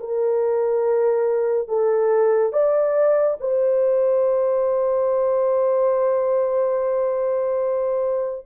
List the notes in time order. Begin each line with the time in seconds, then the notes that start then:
0.00 A#4
1.68 A4
2.53 D5
3.40 C5